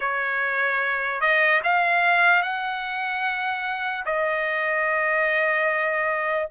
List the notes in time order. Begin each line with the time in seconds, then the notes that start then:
0.00 C#5
1.21 D#5
1.63 F5
2.42 F#5
4.05 D#5